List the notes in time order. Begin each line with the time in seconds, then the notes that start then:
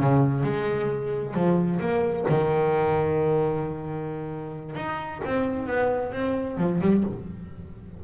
0.00 C#3
0.44 G#3
1.35 F3
1.80 A#3
2.29 D#3
4.76 D#4
5.25 C4
5.68 B3
6.13 C4
6.58 F3
6.82 G3